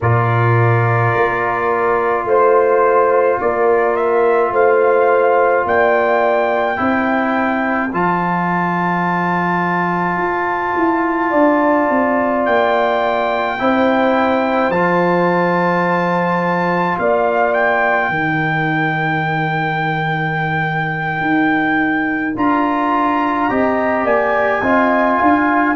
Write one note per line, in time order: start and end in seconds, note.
0.00 1.14 A#2
0.00 6.76 F4
0.00 2.27 A#4
0.00 2.28 D5
1.15 2.24 A#3
2.24 3.37 A3
2.24 3.41 C5
2.24 3.40 C5
3.40 4.51 A#3
3.40 4.53 A#4
3.40 3.96 D5
3.96 4.53 E5
4.51 5.64 A3
4.51 5.66 C5
4.51 5.67 F5
5.64 6.78 A#3
5.64 6.79 D5
5.64 7.93 G5
6.76 7.92 C4
6.76 7.90 E4
6.76 11.30 C5
7.92 10.17 F3
7.92 13.58 F4
7.92 12.45 A5
10.17 10.73 F4
10.76 11.32 E4
11.30 11.89 D4
11.30 13.56 D5
11.90 12.46 C4
12.45 13.59 A#3
12.45 14.71 G5
13.58 14.69 C4
13.58 14.72 E4
13.58 17.00 C5
14.69 16.95 F3
14.69 18.12 F4
14.69 16.97 A5
16.98 18.09 A#3
16.98 18.11 D5
16.98 17.53 F5
17.53 22.34 G5
18.09 21.20 D#3
18.09 22.36 D#4
18.09 23.49 A#4
21.20 22.33 D#4
22.36 23.49 D4
22.36 23.49 F4
22.36 24.06 A#5
23.49 24.04 C4
23.49 24.62 G4
23.49 24.05 D#5
24.04 24.61 A#3
24.04 24.61 D5
24.04 25.75 G#5
24.61 25.18 C4
24.61 25.75 F4
24.61 25.18 D#5
25.18 25.75 D4
25.18 25.75 F5